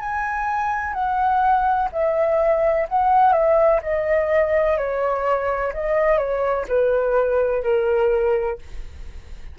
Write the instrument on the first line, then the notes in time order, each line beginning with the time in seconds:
flute
0.00 G#5
0.94 F#5
1.93 E5
2.89 F#5
3.33 E5
3.83 D#5
4.78 C#5
5.74 D#5
6.18 C#5
6.68 B4
7.64 A#4